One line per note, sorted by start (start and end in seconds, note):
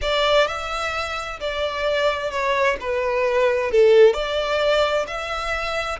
0.01 0.47 D5
0.47 1.39 E5
1.40 2.30 D5
2.30 2.77 C#5
2.80 3.71 B4
3.71 4.13 A4
4.13 5.06 D5
5.07 5.99 E5